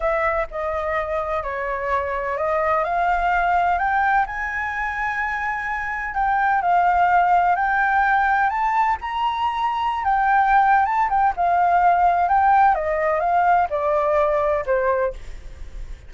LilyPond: \new Staff \with { instrumentName = "flute" } { \time 4/4 \tempo 4 = 127 e''4 dis''2 cis''4~ | cis''4 dis''4 f''2 | g''4 gis''2.~ | gis''4 g''4 f''2 |
g''2 a''4 ais''4~ | ais''4~ ais''16 g''4.~ g''16 a''8 g''8 | f''2 g''4 dis''4 | f''4 d''2 c''4 | }